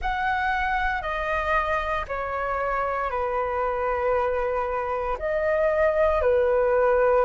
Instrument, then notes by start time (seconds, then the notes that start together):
flute
0.01 F#5
1.02 D#5
2.07 C#5
3.10 B4
5.19 D#5
6.21 B4